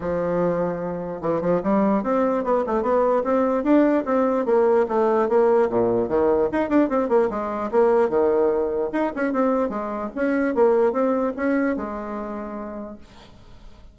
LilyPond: \new Staff \with { instrumentName = "bassoon" } { \time 4/4 \tempo 4 = 148 f2. e8 f8 | g4 c'4 b8 a8 b4 | c'4 d'4 c'4 ais4 | a4 ais4 ais,4 dis4 |
dis'8 d'8 c'8 ais8 gis4 ais4 | dis2 dis'8 cis'8 c'4 | gis4 cis'4 ais4 c'4 | cis'4 gis2. | }